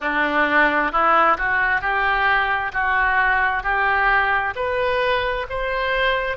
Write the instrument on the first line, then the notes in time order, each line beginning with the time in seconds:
oboe
0.00 D4
0.91 E4
1.37 F#4
1.81 G4
2.72 F#4
3.63 G4
4.55 B4
5.49 C5